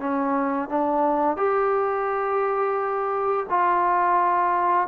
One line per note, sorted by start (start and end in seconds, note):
0.00 0.69 C#4
0.69 1.37 D4
1.37 3.47 G4
3.50 4.88 F4